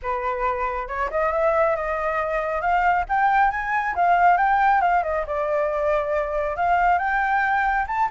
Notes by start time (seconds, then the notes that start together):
0.02 B4
0.88 C#5
1.10 D#5
1.32 E5
1.76 D#5
2.61 F5
3.08 G5
3.50 G#5
3.95 F5
4.37 G5
4.81 F5
5.03 D#5
5.26 D5
6.56 F5
6.98 G5
7.87 A5